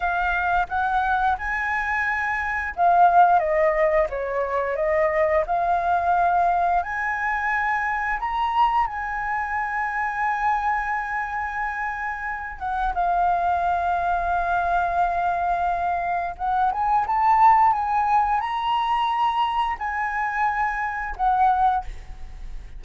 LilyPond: \new Staff \with { instrumentName = "flute" } { \time 4/4 \tempo 4 = 88 f''4 fis''4 gis''2 | f''4 dis''4 cis''4 dis''4 | f''2 gis''2 | ais''4 gis''2.~ |
gis''2~ gis''8 fis''8 f''4~ | f''1 | fis''8 gis''8 a''4 gis''4 ais''4~ | ais''4 gis''2 fis''4 | }